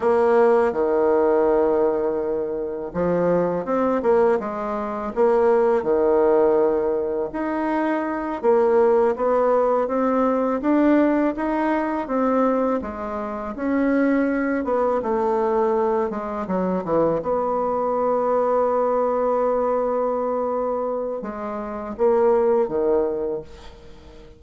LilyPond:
\new Staff \with { instrumentName = "bassoon" } { \time 4/4 \tempo 4 = 82 ais4 dis2. | f4 c'8 ais8 gis4 ais4 | dis2 dis'4. ais8~ | ais8 b4 c'4 d'4 dis'8~ |
dis'8 c'4 gis4 cis'4. | b8 a4. gis8 fis8 e8 b8~ | b1~ | b4 gis4 ais4 dis4 | }